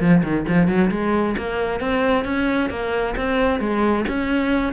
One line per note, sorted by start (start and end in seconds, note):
0.00 0.23 F3
0.23 0.46 D#3
0.48 0.67 F3
0.67 0.90 F#3
0.90 1.36 G#3
1.37 1.80 A#3
1.80 2.25 C4
2.25 2.70 C#4
2.70 3.15 A#3
3.16 3.60 C4
3.60 4.05 G#3
4.08 4.73 C#4